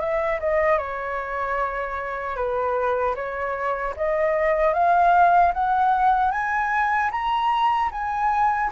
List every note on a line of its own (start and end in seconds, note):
0.00 0.39 E5
0.40 0.78 D#5
0.78 2.36 C#5
2.36 3.15 B4
3.15 3.94 C#5
3.97 4.74 D#5
4.74 5.53 F5
5.54 6.31 F#5
6.31 7.10 G#5
7.11 7.90 A#5
7.92 8.71 G#5